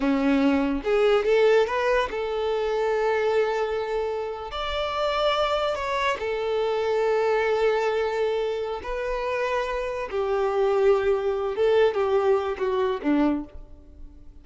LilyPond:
\new Staff \with { instrumentName = "violin" } { \time 4/4 \tempo 4 = 143 cis'2 gis'4 a'4 | b'4 a'2.~ | a'2~ a'8. d''4~ d''16~ | d''4.~ d''16 cis''4 a'4~ a'16~ |
a'1~ | a'4 b'2. | g'2.~ g'8 a'8~ | a'8 g'4. fis'4 d'4 | }